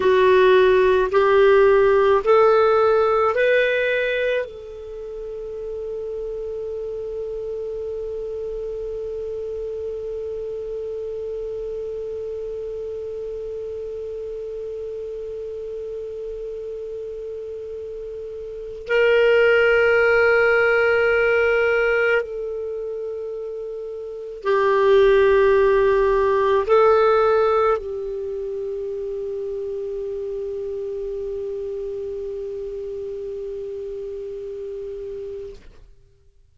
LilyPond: \new Staff \with { instrumentName = "clarinet" } { \time 4/4 \tempo 4 = 54 fis'4 g'4 a'4 b'4 | a'1~ | a'1~ | a'1~ |
a'4 ais'2. | a'2 g'2 | a'4 g'2.~ | g'1 | }